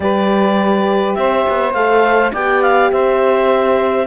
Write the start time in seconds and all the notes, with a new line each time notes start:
0.00 G3 G4 B4 D5
1.14 C4 C5 E5
1.49 B3
1.73 A3 A4 F5
2.32 B3 G4 D5 G5
2.62 F5
2.91 C4 C5 E5